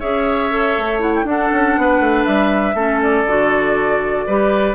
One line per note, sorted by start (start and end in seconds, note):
0.00 0.78 C#4
0.00 0.51 G#4
0.00 1.25 C#5
0.00 1.01 E5
0.51 1.00 A4
0.78 1.25 A3
1.00 1.25 E4
1.00 1.14 F#5
1.15 1.27 G5
1.25 1.50 D4
1.25 2.75 D4
1.25 1.80 A4
1.25 2.25 F#5
1.53 1.77 C#4
1.77 2.00 B3
1.77 2.75 B4
2.00 2.25 A3
2.25 2.75 G3
2.25 3.00 E5
2.75 3.25 A3
2.75 3.27 C#4
2.75 4.25 A4
3.03 4.75 D5
3.26 4.26 D3
3.26 4.28 F#4
4.27 4.75 G3
4.27 4.75 G4
4.27 4.75 B4